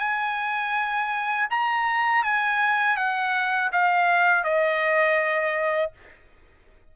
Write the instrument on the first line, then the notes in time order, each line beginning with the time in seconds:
trumpet
0.00 G#5
1.51 A#5
2.24 G#5
2.97 F#5
3.73 F5
4.44 D#5